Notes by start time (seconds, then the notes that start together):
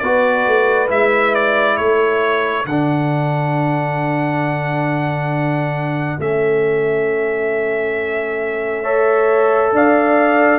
0.00 B3 F#4 B4 D5
0.48 A3
0.89 G#3 E4 E5
1.35 D5
1.78 A3 A4 C#5
2.65 D3 D4 F#5
6.19 A3 C#4 E5
8.83 A4 C#5
9.73 D4 D5 F5